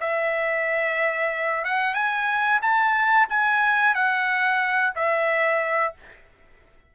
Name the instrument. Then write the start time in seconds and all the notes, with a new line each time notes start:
trumpet
0.00 E5
1.65 F#5
1.94 G#5
2.62 A5
3.29 G#5
3.94 F#5
4.95 E5